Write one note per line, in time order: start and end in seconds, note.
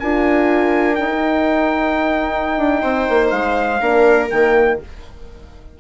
0.00 1.00 D4
0.00 0.97 F4
0.00 2.82 A#4
0.00 0.96 G#5
0.96 1.09 D4
0.96 2.58 D#4
0.96 3.29 G5
1.12 3.81 D#4
2.58 2.82 D4
2.82 3.08 C4
2.82 3.81 C5
3.10 3.32 A#3
3.30 3.81 G#3
3.30 4.29 F5
3.81 4.30 A#3
3.81 4.31 D4
3.81 4.79 A#4
4.30 4.81 D#3
4.30 4.81 A#3
4.30 4.80 G5